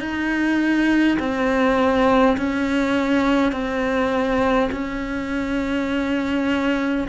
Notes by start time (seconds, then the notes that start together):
0.00 D#4
1.19 C4
2.37 C#4
3.52 C4
4.72 C#4